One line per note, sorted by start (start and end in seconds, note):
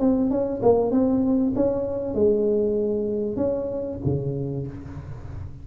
0.00 0.30 C4
0.30 0.61 C#4
0.63 0.91 A#3
0.91 1.53 C4
1.55 2.15 C#4
2.15 3.37 G#3
3.37 3.98 C#4
4.05 4.67 C#3